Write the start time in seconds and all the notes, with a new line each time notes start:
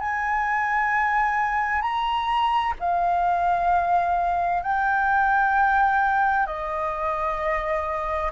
0.00 G#5
1.81 A#5
2.79 F5
4.62 G5
6.46 D#5